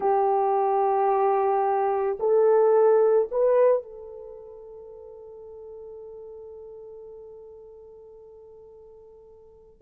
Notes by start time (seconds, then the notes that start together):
0.00 G4
2.19 A4
3.31 B4
3.82 A4